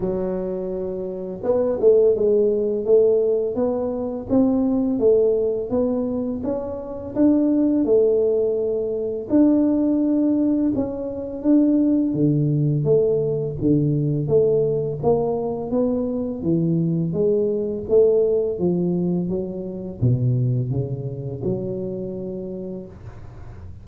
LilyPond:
\new Staff \with { instrumentName = "tuba" } { \time 4/4 \tempo 4 = 84 fis2 b8 a8 gis4 | a4 b4 c'4 a4 | b4 cis'4 d'4 a4~ | a4 d'2 cis'4 |
d'4 d4 a4 d4 | a4 ais4 b4 e4 | gis4 a4 f4 fis4 | b,4 cis4 fis2 | }